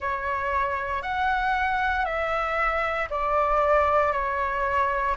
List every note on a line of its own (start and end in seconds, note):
0.00 1.02 C#5
1.02 2.05 F#5
2.05 3.08 E5
3.10 4.12 D5
4.12 5.15 C#5